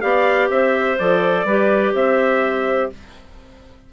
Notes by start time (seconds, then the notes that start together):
0.00 B3 G4 D5 F5
0.49 C4 C5 E5
0.98 F3 A4 D5
1.44 G3 G4 B4
1.93 C4 C5 E5